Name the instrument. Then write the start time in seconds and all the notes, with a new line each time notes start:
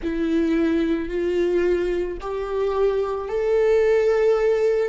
viola
0.02 E4
1.09 F4
2.21 G4
3.28 A4